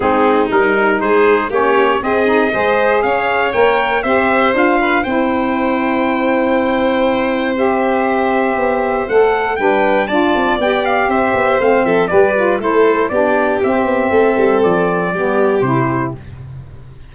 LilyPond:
<<
  \new Staff \with { instrumentName = "trumpet" } { \time 4/4 \tempo 4 = 119 gis'4 ais'4 c''4 cis''4 | dis''2 f''4 g''4 | e''4 f''4 g''2~ | g''2. e''4~ |
e''2 fis''4 g''4 | a''4 g''8 f''8 e''4 f''8 e''8 | d''4 c''4 d''4 e''4~ | e''4 d''2 c''4 | }
  \new Staff \with { instrumentName = "violin" } { \time 4/4 dis'2 gis'4 g'4 | gis'4 c''4 cis''2 | c''4. b'8 c''2~ | c''1~ |
c''2. b'4 | d''2 c''4. a'8 | b'4 a'4 g'2 | a'2 g'2 | }
  \new Staff \with { instrumentName = "saxophone" } { \time 4/4 c'4 dis'2 cis'4 | c'8 dis'8 gis'2 ais'4 | g'4 f'4 e'2~ | e'2. g'4~ |
g'2 a'4 d'4 | f'4 g'2 c'4 | g'8 f'8 e'4 d'4 c'4~ | c'2 b4 e'4 | }
  \new Staff \with { instrumentName = "tuba" } { \time 4/4 gis4 g4 gis4 ais4 | c'4 gis4 cis'4 ais4 | c'4 d'4 c'2~ | c'1~ |
c'4 b4 a4 g4 | d'8 c'8 b4 c'8 b8 a8 f8 | g4 a4 b4 c'8 b8 | a8 g8 f4 g4 c4 | }
>>